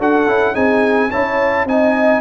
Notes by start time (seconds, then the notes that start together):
0.00 D4 F#4 A4 F#5
0.28 C#4 E4
0.54 C4 D#4 G#4 G#5
1.10 C#4 E4 C#5 A5
1.65 C4 D#4 D#5 G#5